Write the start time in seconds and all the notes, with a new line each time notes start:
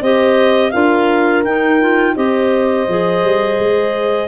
0.00 C4 G4 C5 D#5
0.71 D4 F4 A#4 F5
1.44 D#4 G5
1.81 F4
2.15 C4 G4 C5 D#5
2.88 F3 G#4
3.23 G3
3.59 G#3